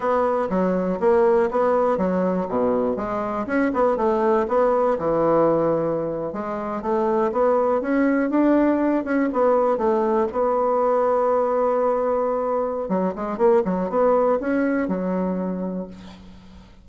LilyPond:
\new Staff \with { instrumentName = "bassoon" } { \time 4/4 \tempo 4 = 121 b4 fis4 ais4 b4 | fis4 b,4 gis4 cis'8 b8 | a4 b4 e2~ | e8. gis4 a4 b4 cis'16~ |
cis'8. d'4. cis'8 b4 a16~ | a8. b2.~ b16~ | b2 fis8 gis8 ais8 fis8 | b4 cis'4 fis2 | }